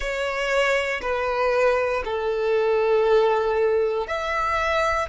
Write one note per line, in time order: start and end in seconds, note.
0.00 1.00 C#5
1.01 2.03 B4
2.04 4.07 A4
4.07 5.08 E5